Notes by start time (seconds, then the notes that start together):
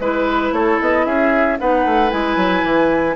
0.00 G#3 E4 B4
0.52 A3 A4 C#5
0.81 B3 D#5
1.05 C#4 G#4 E5
1.59 B3 D#4 B4 F#5
1.85 A3
2.10 G#3 E4 G#5
2.37 F#3
2.63 E3